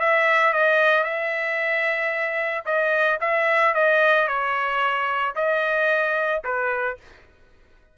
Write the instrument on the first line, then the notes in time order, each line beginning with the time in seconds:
trumpet
0.00 E5
0.53 D#5
1.04 E5
2.66 D#5
3.21 E5
3.75 D#5
4.28 C#5
5.35 D#5
6.44 B4